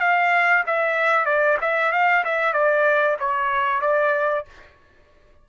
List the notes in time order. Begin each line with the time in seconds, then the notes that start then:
0.00 F5
0.66 E5
1.26 D5
1.61 E5
1.92 F5
2.24 E5
2.53 D5
3.19 C#5
3.81 D5